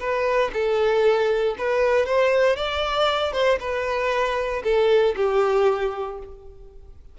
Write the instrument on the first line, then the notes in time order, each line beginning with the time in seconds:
violin
0.00 B4
0.54 A4
1.59 B4
2.06 C5
2.57 D5
3.33 C5
3.60 B4
4.64 A4
5.17 G4